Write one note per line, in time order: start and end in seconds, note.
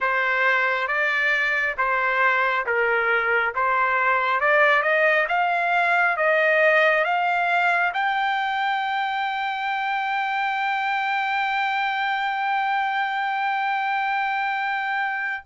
0.00 0.87 C5
0.87 1.75 D5
1.77 2.65 C5
2.66 3.54 A#4
3.55 4.40 C5
4.40 4.82 D5
4.82 5.26 D#5
5.28 6.16 F5
6.16 7.04 D#5
7.04 7.92 F5
7.93 15.43 G5